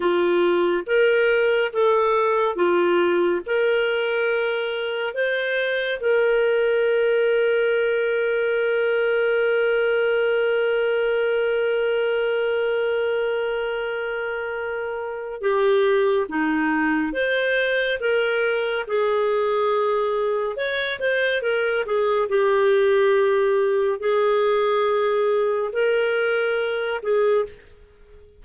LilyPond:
\new Staff \with { instrumentName = "clarinet" } { \time 4/4 \tempo 4 = 70 f'4 ais'4 a'4 f'4 | ais'2 c''4 ais'4~ | ais'1~ | ais'1~ |
ais'2 g'4 dis'4 | c''4 ais'4 gis'2 | cis''8 c''8 ais'8 gis'8 g'2 | gis'2 ais'4. gis'8 | }